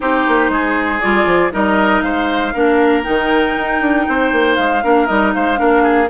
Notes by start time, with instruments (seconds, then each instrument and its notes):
0.00 bassoon C4, clarinet D#4, oboe G4, flute C5
0.27 bassoon A#3
0.49 bassoon G#3, oboe G#4
1.00 bassoon G3, clarinet F4, flute D5
1.25 bassoon F3
1.51 bassoon G3, clarinet D#4, oboe A#4, flute D#5
2.01 bassoon G#3, oboe C5, flute F5
2.53 bassoon A#3, clarinet D4, oboe A#4
3.03 bassoon D#3, clarinet D#4, flute G5
3.56 bassoon D#4
3.80 bassoon D4
4.08 bassoon C4, oboe C5
4.32 bassoon A#3
4.55 bassoon G#3, flute F5
4.82 bassoon A#3, clarinet D4, oboe A#4
5.06 bassoon G3, clarinet D#4, flute D#5
5.33 bassoon G#3, oboe C5, flute F5
5.56 bassoon A#3, clarinet D4, oboe A#4
5.82 oboe G#4